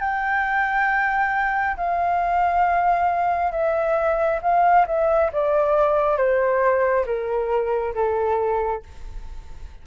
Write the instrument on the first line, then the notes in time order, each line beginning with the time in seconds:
flute
0.00 G5
1.77 F5
3.52 E5
4.42 F5
4.87 E5
5.32 D5
6.17 C5
7.06 A#4
7.95 A4